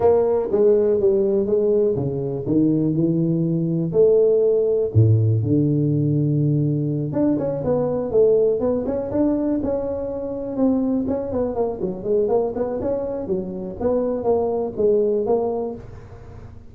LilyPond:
\new Staff \with { instrumentName = "tuba" } { \time 4/4 \tempo 4 = 122 ais4 gis4 g4 gis4 | cis4 dis4 e2 | a2 a,4 d4~ | d2~ d8 d'8 cis'8 b8~ |
b8 a4 b8 cis'8 d'4 cis'8~ | cis'4. c'4 cis'8 b8 ais8 | fis8 gis8 ais8 b8 cis'4 fis4 | b4 ais4 gis4 ais4 | }